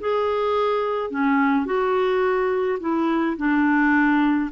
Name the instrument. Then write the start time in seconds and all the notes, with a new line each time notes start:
clarinet
0.00 G#4
1.10 C#4
1.66 F#4
2.80 E4
3.37 D4